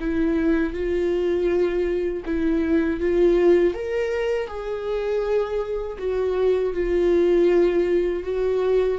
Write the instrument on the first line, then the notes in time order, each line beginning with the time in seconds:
viola
0.00 E4
0.73 F4
2.25 E4
3.00 F4
3.74 A#4
4.47 G#4
5.98 F#4
6.73 F4
8.23 F#4